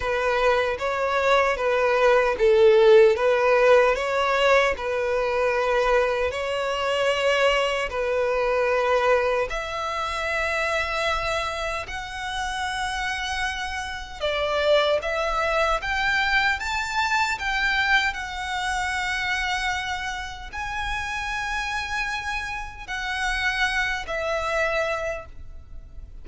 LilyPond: \new Staff \with { instrumentName = "violin" } { \time 4/4 \tempo 4 = 76 b'4 cis''4 b'4 a'4 | b'4 cis''4 b'2 | cis''2 b'2 | e''2. fis''4~ |
fis''2 d''4 e''4 | g''4 a''4 g''4 fis''4~ | fis''2 gis''2~ | gis''4 fis''4. e''4. | }